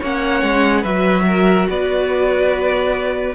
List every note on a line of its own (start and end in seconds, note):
0.00 0.43 A#3
0.00 0.84 C#4
0.00 0.82 C#5
0.00 0.84 F#5
0.43 0.85 G#3
0.82 1.68 F#3
0.82 3.34 F#4
0.82 1.23 B4
0.82 1.68 E5
1.27 1.69 A#4
1.70 3.35 B3
1.70 3.35 B4
1.70 3.35 D5